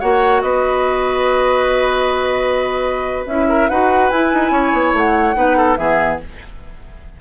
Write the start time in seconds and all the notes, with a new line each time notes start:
0.00 A#3 F#4 C#5 F#5
0.42 B3 B4 D#5
3.26 C#4 E4 E5
3.49 A#4
3.69 D#4 F#4 B4 F#5
4.10 E4 G#5
4.34 D#4
4.51 C#4 C#5
4.73 B3
4.93 A3 F#5
5.35 B3 D#4 B4
5.57 A4
5.76 E3 B3 G#4 E5